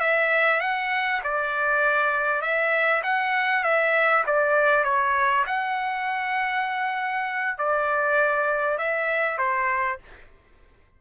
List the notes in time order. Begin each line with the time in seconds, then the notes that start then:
0.00 E5
0.60 F#5
1.24 D5
2.42 E5
3.03 F#5
3.63 E5
4.26 D5
4.84 C#5
5.46 F#5
7.58 D5
8.78 E5
9.38 C5